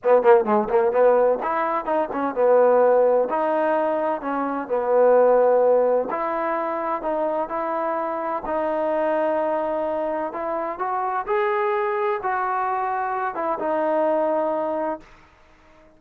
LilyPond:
\new Staff \with { instrumentName = "trombone" } { \time 4/4 \tempo 4 = 128 b8 ais8 gis8 ais8 b4 e'4 | dis'8 cis'8 b2 dis'4~ | dis'4 cis'4 b2~ | b4 e'2 dis'4 |
e'2 dis'2~ | dis'2 e'4 fis'4 | gis'2 fis'2~ | fis'8 e'8 dis'2. | }